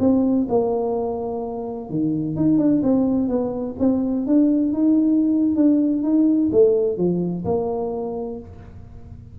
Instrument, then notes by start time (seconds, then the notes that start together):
tuba
0.00 C4
0.49 A#3
1.90 D#3
2.36 D#4
2.59 D4
2.83 C4
3.29 B3
3.80 C4
4.27 D4
4.73 D#4
5.56 D4
6.03 D#4
6.52 A3
6.97 F3
7.45 A#3